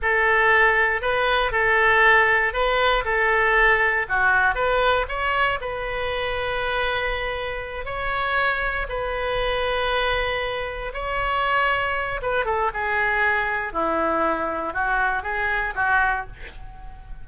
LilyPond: \new Staff \with { instrumentName = "oboe" } { \time 4/4 \tempo 4 = 118 a'2 b'4 a'4~ | a'4 b'4 a'2 | fis'4 b'4 cis''4 b'4~ | b'2.~ b'8 cis''8~ |
cis''4. b'2~ b'8~ | b'4. cis''2~ cis''8 | b'8 a'8 gis'2 e'4~ | e'4 fis'4 gis'4 fis'4 | }